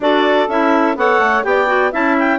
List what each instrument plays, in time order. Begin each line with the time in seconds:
0.00 bassoon D4, clarinet F#4 D5, saxophone A4
0.48 bassoon C#4, clarinet E4 E5
0.95 bassoon B3, clarinet A4 F#5, saxophone C#5
1.19 bassoon A3
1.43 bassoon B3, clarinet G4 G5, saxophone D5
1.66 clarinet F#4
1.91 bassoon C#4, clarinet E4 A5, saxophone E5
2.18 clarinet G5